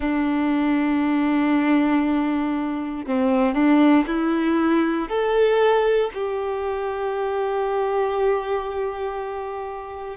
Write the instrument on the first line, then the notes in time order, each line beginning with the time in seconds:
violin
0.00 D4
3.06 C4
3.54 D4
4.07 E4
5.08 A4
6.13 G4